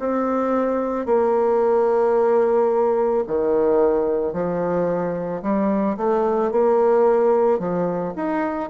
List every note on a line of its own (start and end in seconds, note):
0.00 1.06 C4
1.06 3.24 A#3
3.27 4.33 D#3
4.33 5.42 F3
5.42 5.97 G3
5.98 6.52 A3
6.52 7.59 A#3
7.59 8.14 F3
8.16 8.70 D#4